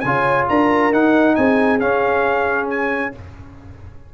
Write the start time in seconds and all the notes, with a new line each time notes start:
0.00 C#3 F4 C#5 G#5
0.48 D4 A#4 A#5
0.92 D#4 F#5
1.35 C4 G#4 G#5
1.79 C#4 F5
2.69 G#5